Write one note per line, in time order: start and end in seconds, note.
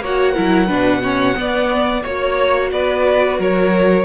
0.00 0.34 A#3
0.00 0.35 F#4
0.00 0.33 C#5
0.00 2.02 F#5
0.33 0.69 F#3
0.33 0.68 E4
0.33 0.66 A#4
0.66 1.37 B2
0.66 1.01 D4
0.66 1.00 B4
1.03 1.34 C#4
1.03 1.37 C#5
1.34 2.02 B3
1.34 2.04 B3
1.34 2.04 D5
2.02 2.71 A#3
2.02 4.05 F#4
2.02 2.70 C#5
2.02 2.71 C#5
2.71 3.39 B3
2.71 3.37 B4
2.71 3.39 D5
3.37 4.05 F#3
3.37 4.05 A#4
3.37 4.05 C#5